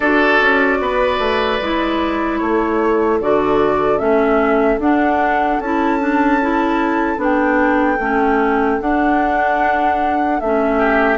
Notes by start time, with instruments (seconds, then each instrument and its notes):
0.00 bassoon D4, clarinet F#4, oboe A4, flute D5
0.41 bassoon C#4
0.80 bassoon B3, oboe B4
1.19 bassoon A3
1.60 bassoon G#3, clarinet E4
2.38 bassoon A3, oboe A4, flute C#5
3.20 bassoon D3, clarinet F#4, flute D5
3.98 bassoon A3, clarinet C#4, flute E5
4.78 bassoon D4, clarinet D4, flute F#5
5.59 bassoon C#4, clarinet E4, flute A5
6.00 clarinet D4
6.41 clarinet E4
7.17 bassoon B3, clarinet D4, flute G5
7.99 bassoon A3, clarinet C#4
8.80 bassoon D4, clarinet D4, flute F#5
10.40 bassoon A3, clarinet C#4, flute E5
10.78 oboe G4